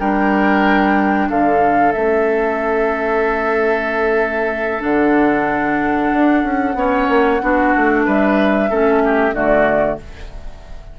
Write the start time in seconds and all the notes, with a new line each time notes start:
0.00 G3 D4 A#4 G5
1.29 D3 A4 F5
1.93 A3 C#4 E5
4.80 D3 D4 F#5
6.13 D4
6.44 C#4
6.75 B3 C#4 C#5
7.09 A#3
7.42 B3 D4 F#4
7.76 A3
8.06 G3 B4 E5
8.70 A3 C#4 A4
9.05 G4
9.33 D3 A3 F#4 D5